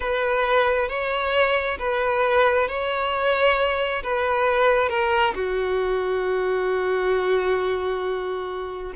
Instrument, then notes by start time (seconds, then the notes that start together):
violin
0.00 B4
0.88 C#5
1.79 B4
2.68 C#5
4.03 B4
4.89 A#4
5.34 F#4